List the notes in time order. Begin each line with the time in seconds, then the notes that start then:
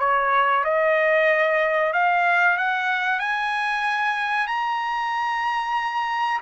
0.00 C#5
0.65 D#5
1.94 F5
2.58 F#5
3.20 G#5
4.48 A#5